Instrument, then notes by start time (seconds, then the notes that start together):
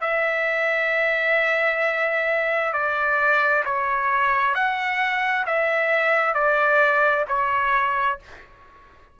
trumpet
0.00 E5
2.73 D5
3.65 C#5
4.55 F#5
5.46 E5
6.34 D5
7.28 C#5